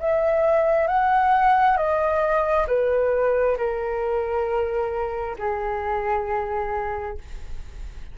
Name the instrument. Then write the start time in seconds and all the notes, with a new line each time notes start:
flute
0.00 E5
0.88 F#5
1.77 D#5
2.67 B4
3.57 A#4
5.39 G#4